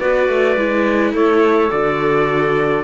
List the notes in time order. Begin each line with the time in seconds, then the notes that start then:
0.00 B3 F#4 B4 D5
0.28 A3
0.56 G#3 E4
1.13 A3 A4 C#5
1.70 D3 F#4 D5